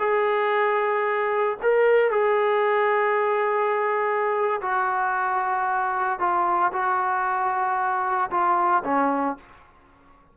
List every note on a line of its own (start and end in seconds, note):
0.00 1.58 G#4
1.63 2.11 A#4
2.11 4.61 G#4
4.62 6.20 F#4
6.20 6.72 F4
6.73 8.31 F#4
8.31 8.83 F4
8.85 9.37 C#4